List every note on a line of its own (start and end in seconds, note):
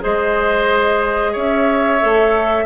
0.00 1.36 G#3
0.00 1.98 G#4
0.00 1.33 C5
0.00 1.35 D#5
1.33 2.02 C#4
1.33 2.64 C#5
1.33 2.66 E5
2.00 2.66 A3
2.00 2.66 A4